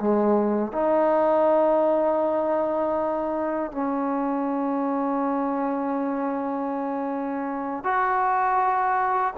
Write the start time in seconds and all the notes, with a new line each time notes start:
0.00 G#3
0.72 D#4
3.72 C#4
7.84 F#4